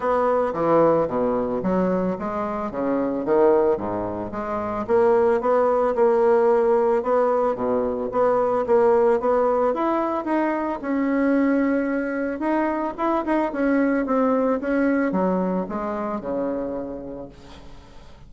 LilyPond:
\new Staff \with { instrumentName = "bassoon" } { \time 4/4 \tempo 4 = 111 b4 e4 b,4 fis4 | gis4 cis4 dis4 gis,4 | gis4 ais4 b4 ais4~ | ais4 b4 b,4 b4 |
ais4 b4 e'4 dis'4 | cis'2. dis'4 | e'8 dis'8 cis'4 c'4 cis'4 | fis4 gis4 cis2 | }